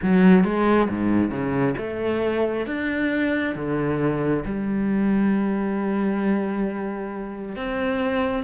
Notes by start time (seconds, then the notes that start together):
0.02 F#3
0.44 G#3
0.89 G#2
1.30 C#3
1.77 A3
2.66 D4
3.55 D3
4.44 G3
7.56 C4